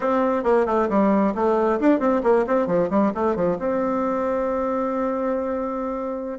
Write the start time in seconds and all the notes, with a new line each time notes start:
0.00 C4
0.43 A#3
0.66 A3
0.89 G3
1.35 A3
1.80 D4
1.99 C4
2.23 A#3
2.46 C4
2.66 F3
2.90 G3
3.14 A3
3.35 F3
3.59 C4